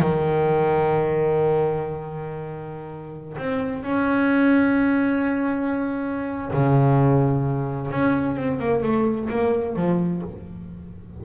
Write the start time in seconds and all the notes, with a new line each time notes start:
0.00 D#3
3.38 C4
3.84 C#4
6.53 C#3
7.91 C#4
8.37 C4
8.60 A#3
8.83 A3
9.30 A#3
9.76 F3